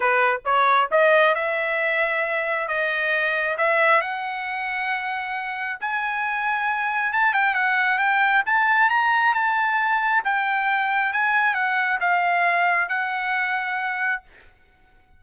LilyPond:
\new Staff \with { instrumentName = "trumpet" } { \time 4/4 \tempo 4 = 135 b'4 cis''4 dis''4 e''4~ | e''2 dis''2 | e''4 fis''2.~ | fis''4 gis''2. |
a''8 g''8 fis''4 g''4 a''4 | ais''4 a''2 g''4~ | g''4 gis''4 fis''4 f''4~ | f''4 fis''2. | }